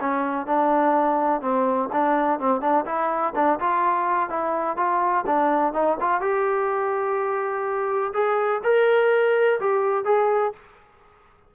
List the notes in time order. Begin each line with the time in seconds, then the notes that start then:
0.00 C#4
0.46 D4
1.41 C4
1.92 D4
2.39 C4
2.60 D4
2.85 E4
3.35 D4
3.59 F4
4.29 E4
4.77 F4
5.26 D4
5.73 D#4
6.00 F4
6.20 G4
8.13 G#4
8.63 A#4
9.60 G4
10.05 G#4